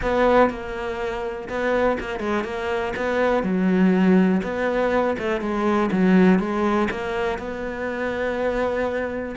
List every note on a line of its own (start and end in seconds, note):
0.02 0.50 B3
0.50 1.48 A#3
1.48 1.97 B3
2.00 2.19 A#3
2.19 2.44 G#3
2.44 2.93 A#3
2.96 3.43 B3
3.43 4.41 F#3
4.43 5.16 B3
5.18 5.40 A3
5.40 5.89 G#3
5.92 6.39 F#3
6.39 6.88 G#3
6.90 7.38 A#3
7.38 9.35 B3